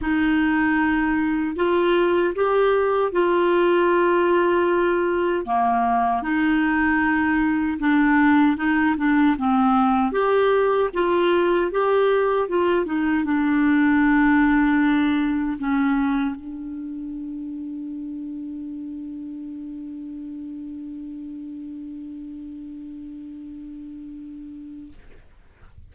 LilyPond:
\new Staff \with { instrumentName = "clarinet" } { \time 4/4 \tempo 4 = 77 dis'2 f'4 g'4 | f'2. ais4 | dis'2 d'4 dis'8 d'8 | c'4 g'4 f'4 g'4 |
f'8 dis'8 d'2. | cis'4 d'2.~ | d'1~ | d'1 | }